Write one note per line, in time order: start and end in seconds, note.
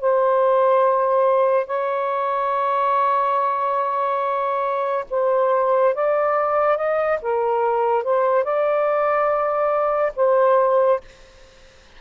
0.00 1.66 C5
1.66 5.04 C#5
5.10 5.94 C5
5.94 6.77 D5
6.77 7.19 D#5
7.21 8.04 A#4
8.04 8.44 C5
8.44 10.13 D5
10.16 11.00 C5